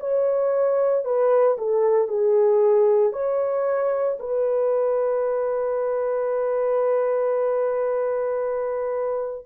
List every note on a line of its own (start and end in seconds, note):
0.00 1.05 C#5
1.05 1.57 B4
1.58 2.08 A4
2.08 3.13 G#4
3.13 4.18 C#5
4.20 9.46 B4